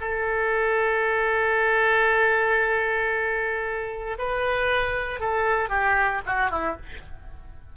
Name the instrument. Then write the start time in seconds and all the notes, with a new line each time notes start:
oboe
0.00 A4
4.18 B4
5.20 A4
5.69 G4
6.26 F#4
6.50 E4